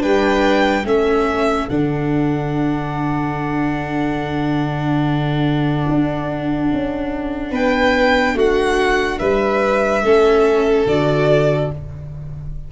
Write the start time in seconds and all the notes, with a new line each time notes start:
0.00 G3 D4 B4 G5
0.84 A3 C#4 A4 E5
1.69 D3 D4 F#5
5.89 D4
6.74 C#4
7.52 B3 B4 G5
8.35 A3 F#4 F#5
9.19 G3 B4 E5
10.03 A3 C#4 A4
10.87 D3 F#4 D5